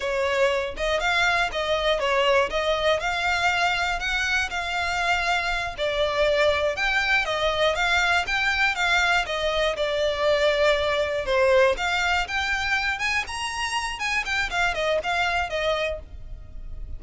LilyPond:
\new Staff \with { instrumentName = "violin" } { \time 4/4 \tempo 4 = 120 cis''4. dis''8 f''4 dis''4 | cis''4 dis''4 f''2 | fis''4 f''2~ f''8 d''8~ | d''4. g''4 dis''4 f''8~ |
f''8 g''4 f''4 dis''4 d''8~ | d''2~ d''8 c''4 f''8~ | f''8 g''4. gis''8 ais''4. | gis''8 g''8 f''8 dis''8 f''4 dis''4 | }